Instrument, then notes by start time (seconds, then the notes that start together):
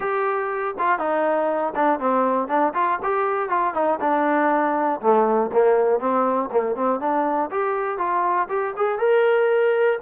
trombone
0.00 G4
0.78 F4
0.98 D#4
1.75 D4
1.99 C4
2.48 D4
2.74 F4
3.02 G4
3.49 F4
3.74 D#4
4.00 D4
5.00 A3
5.52 A#3
5.99 C4
6.51 A#3
6.75 C4
7.00 D4
7.50 G4
7.97 F4
8.49 G4
8.76 G#4
8.99 A#4